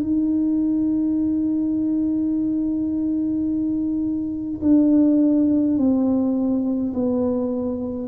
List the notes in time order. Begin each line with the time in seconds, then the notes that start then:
0.00 D#4
4.62 D4
5.77 C4
6.94 B3